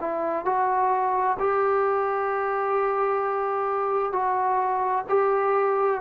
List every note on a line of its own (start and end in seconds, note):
0.00 0.45 E4
0.45 1.37 F#4
1.39 4.12 G4
4.12 5.04 F#4
5.09 6.00 G4